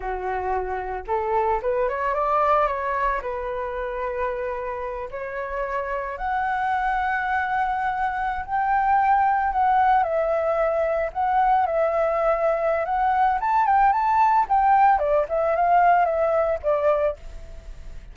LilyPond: \new Staff \with { instrumentName = "flute" } { \time 4/4 \tempo 4 = 112 fis'2 a'4 b'8 cis''8 | d''4 cis''4 b'2~ | b'4. cis''2 fis''8~ | fis''2.~ fis''8. g''16~ |
g''4.~ g''16 fis''4 e''4~ e''16~ | e''8. fis''4 e''2~ e''16 | fis''4 a''8 g''8 a''4 g''4 | d''8 e''8 f''4 e''4 d''4 | }